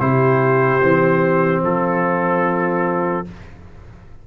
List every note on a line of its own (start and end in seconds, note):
0.00 0.81 C3
0.00 0.81 E4
0.00 1.64 G4
0.00 1.62 C5
0.82 1.62 E3
0.82 3.25 C4
1.62 3.24 F3
1.62 3.26 F4
1.62 3.27 A4